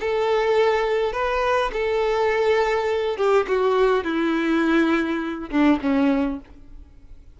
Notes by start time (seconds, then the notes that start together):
0.00 A4
1.13 B4
1.72 A4
3.17 G4
3.47 F#4
4.04 E4
5.50 D4
5.82 C#4